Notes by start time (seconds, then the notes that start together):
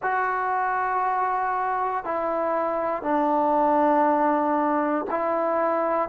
0.02 F#4
2.04 E4
3.02 D4
5.10 E4